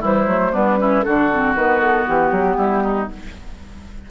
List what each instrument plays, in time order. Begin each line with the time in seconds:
0.00 bassoon E3, clarinet G3, oboe E4, flute C5
0.26 bassoon F#3, clarinet A3
0.52 bassoon G3, clarinet B3, oboe D4, flute B4
0.77 clarinet C#4, oboe E4
1.03 bassoon D3, clarinet D4, oboe F#4, flute A4
1.31 clarinet C4
1.55 bassoon D#3, clarinet B3, flute B4
1.80 flute A4
2.07 bassoon E3, flute G4
2.31 bassoon F#3
2.57 bassoon G3, oboe E4
2.83 oboe D#4